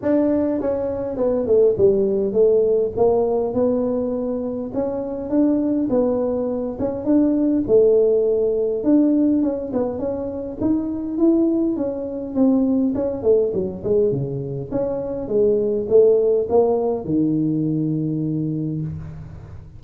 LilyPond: \new Staff \with { instrumentName = "tuba" } { \time 4/4 \tempo 4 = 102 d'4 cis'4 b8 a8 g4 | a4 ais4 b2 | cis'4 d'4 b4. cis'8 | d'4 a2 d'4 |
cis'8 b8 cis'4 dis'4 e'4 | cis'4 c'4 cis'8 a8 fis8 gis8 | cis4 cis'4 gis4 a4 | ais4 dis2. | }